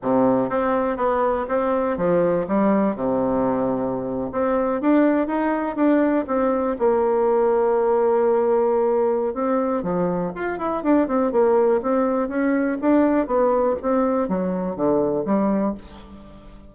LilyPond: \new Staff \with { instrumentName = "bassoon" } { \time 4/4 \tempo 4 = 122 c4 c'4 b4 c'4 | f4 g4 c2~ | c8. c'4 d'4 dis'4 d'16~ | d'8. c'4 ais2~ ais16~ |
ais2. c'4 | f4 f'8 e'8 d'8 c'8 ais4 | c'4 cis'4 d'4 b4 | c'4 fis4 d4 g4 | }